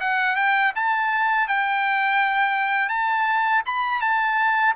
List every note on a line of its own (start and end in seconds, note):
0.00 0.36 F#5
0.36 0.73 G5
0.75 1.48 A5
1.48 2.89 G5
2.89 3.62 A5
3.66 4.01 B5
4.01 4.74 A5